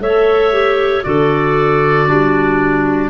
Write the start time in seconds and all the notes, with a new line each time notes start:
0.00 A3 A4 C#5 E5
0.53 G4
1.03 D3 F#4 A4 D5
2.08 G3 D4